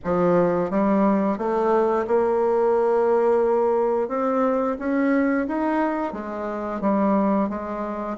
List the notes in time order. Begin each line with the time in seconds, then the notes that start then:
0.04 F3
0.70 G3
1.38 A3
2.07 A#3
4.08 C4
4.78 C#4
5.47 D#4
6.12 G#3
6.81 G3
7.49 G#3